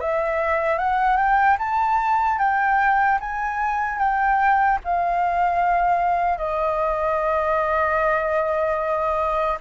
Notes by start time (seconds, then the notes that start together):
0.00 E5
0.78 F#5
1.17 G5
1.59 A5
2.38 G5
3.20 G#5
3.99 G5
4.84 F5
6.38 D#5